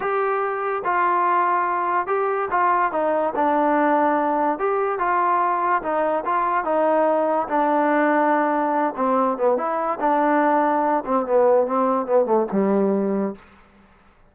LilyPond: \new Staff \with { instrumentName = "trombone" } { \time 4/4 \tempo 4 = 144 g'2 f'2~ | f'4 g'4 f'4 dis'4 | d'2. g'4 | f'2 dis'4 f'4 |
dis'2 d'2~ | d'4. c'4 b8 e'4 | d'2~ d'8 c'8 b4 | c'4 b8 a8 g2 | }